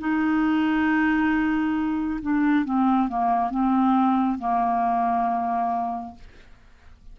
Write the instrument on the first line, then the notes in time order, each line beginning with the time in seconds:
clarinet
0.00 D#4
2.22 D4
2.65 C4
3.09 A#3
3.51 C4
4.39 A#3